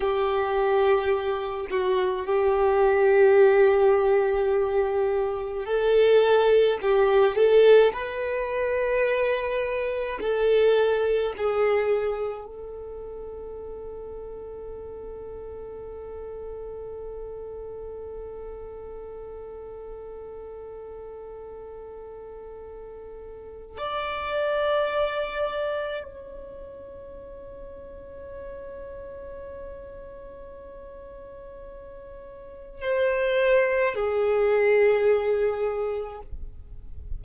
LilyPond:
\new Staff \with { instrumentName = "violin" } { \time 4/4 \tempo 4 = 53 g'4. fis'8 g'2~ | g'4 a'4 g'8 a'8 b'4~ | b'4 a'4 gis'4 a'4~ | a'1~ |
a'1~ | a'4 d''2 cis''4~ | cis''1~ | cis''4 c''4 gis'2 | }